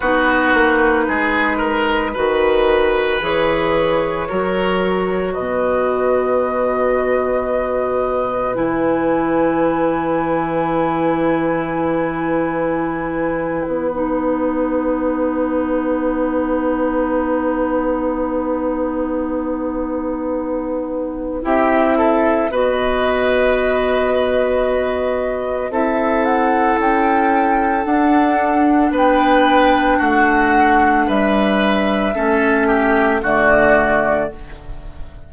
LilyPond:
<<
  \new Staff \with { instrumentName = "flute" } { \time 4/4 \tempo 4 = 56 b'2. cis''4~ | cis''4 dis''2. | gis''1~ | gis''8. fis''2.~ fis''16~ |
fis''1 | e''4 dis''2. | e''8 fis''8 g''4 fis''4 g''4 | fis''4 e''2 d''4 | }
  \new Staff \with { instrumentName = "oboe" } { \time 4/4 fis'4 gis'8 ais'8 b'2 | ais'4 b'2.~ | b'1~ | b'1~ |
b'1 | g'8 a'8 b'2. | a'2. b'4 | fis'4 b'4 a'8 g'8 fis'4 | }
  \new Staff \with { instrumentName = "clarinet" } { \time 4/4 dis'2 fis'4 gis'4 | fis'1 | e'1~ | e'4 dis'2.~ |
dis'1 | e'4 fis'2. | e'2 d'2~ | d'2 cis'4 a4 | }
  \new Staff \with { instrumentName = "bassoon" } { \time 4/4 b8 ais8 gis4 dis4 e4 | fis4 b,2. | e1~ | e8. b2.~ b16~ |
b1 | c'4 b2. | c'4 cis'4 d'4 b4 | a4 g4 a4 d4 | }
>>